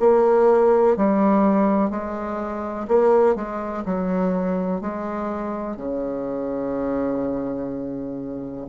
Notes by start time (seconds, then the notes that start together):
0.00 A#3
0.97 G3
1.90 G#3
2.88 A#3
3.36 G#3
3.86 F#3
4.81 G#3
5.77 C#3